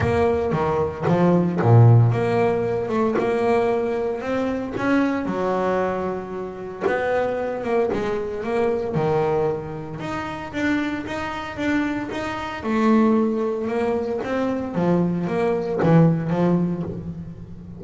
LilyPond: \new Staff \with { instrumentName = "double bass" } { \time 4/4 \tempo 4 = 114 ais4 dis4 f4 ais,4 | ais4. a8 ais2 | c'4 cis'4 fis2~ | fis4 b4. ais8 gis4 |
ais4 dis2 dis'4 | d'4 dis'4 d'4 dis'4 | a2 ais4 c'4 | f4 ais4 e4 f4 | }